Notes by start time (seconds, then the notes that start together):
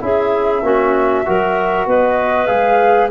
0.00 C#4 E4 G#4 E5
0.63 A#3 C#4 F#4
1.25 F#3 F#4 A#4
1.87 B3 B4 D#5
2.47 G#3 G#4 F5